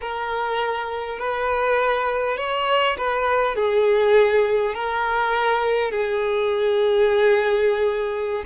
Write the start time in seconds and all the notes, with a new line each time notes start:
0.01 A#4
1.18 B4
2.37 C#5
2.97 B4
3.55 G#4
4.74 A#4
5.91 G#4